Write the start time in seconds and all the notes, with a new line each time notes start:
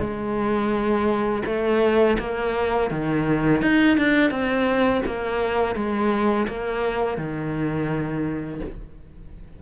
0.00 G#3
1.46 A3
2.19 A#3
2.91 D#3
3.62 D#4
3.97 D4
4.31 C4
5.06 A#3
5.76 G#3
6.48 A#3
7.18 D#3